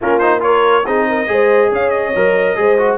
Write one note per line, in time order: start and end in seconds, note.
0.01 0.86 A#3
0.01 0.21 C#4
0.01 0.44 F4
0.01 0.18 A#4
0.18 0.40 D#4
0.18 0.40 C5
0.40 0.83 F4
0.40 0.86 A#4
0.40 0.85 C#5
0.85 1.27 C4
0.85 1.27 D#4
0.85 1.08 G#4
0.85 1.71 D#5
1.08 1.30 A#4
1.27 1.70 G#3
1.27 2.12 G#4
1.27 1.71 C5
1.71 2.14 C#4
1.71 2.57 C#5
1.71 1.89 F5
1.89 2.97 D#5
2.15 2.56 F#3
2.15 2.56 A#4
2.56 2.98 G#3
2.56 2.77 G#4
2.56 2.98 C5
2.78 2.98 F#4